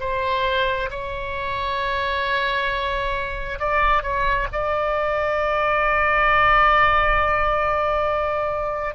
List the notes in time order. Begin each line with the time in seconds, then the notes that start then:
0.00 C5
0.90 C#5
3.59 D5
4.03 C#5
4.52 D5